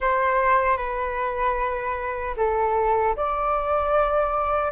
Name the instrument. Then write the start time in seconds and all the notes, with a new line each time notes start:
flute
0.00 C5
0.77 B4
2.36 A4
3.16 D5